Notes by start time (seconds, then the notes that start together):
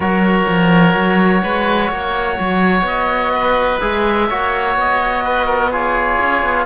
0.00 F#3 F#4 A#4 C#5
0.47 F3
0.94 F#3
1.42 G#3 B4
1.90 A#3 C#5
2.39 F#3
2.81 B3 D#5
3.33 B4
3.80 G#3 G#4 E5
4.29 A#3 F#4 C#5
4.75 B3 D#5
5.24 B4
5.46 A#4
5.71 F4 G#4 C#5
6.20 C#4
6.42 B3